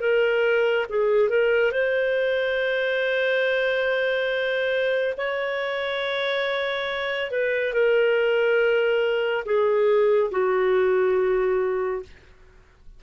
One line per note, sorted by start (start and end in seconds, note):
0.00 0.86 A#4
0.89 1.29 G#4
1.29 1.71 A#4
1.71 5.14 C5
5.17 7.31 C#5
7.31 7.73 B4
7.73 9.44 A#4
9.45 10.31 G#4
10.31 12.02 F#4